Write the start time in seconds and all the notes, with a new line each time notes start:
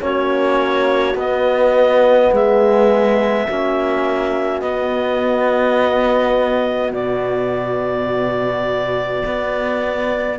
0.00 A#3 C#4 F#4 C#5
1.15 B3 D#5
2.32 G#3 G#4 E5
3.46 A#3 C#4 F#4
4.61 B3 D#5
6.92 B2 D5
9.25 B3